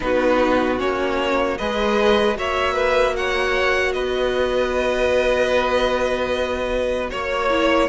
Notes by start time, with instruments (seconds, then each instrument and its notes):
0.00 cello B3, viola D#4, violin F#4 B4
0.78 cello A#3, viola C#4, violin C#5
1.57 cello G#3, viola G#4, violin B4 D#5
2.35 cello A#3, viola F#4, violin C#5 E5
2.74 violin B4
3.16 violin C#5 F#5
3.92 cello B3, violin B4 D#5
7.10 cello A#3, violin C#5
7.50 viola E4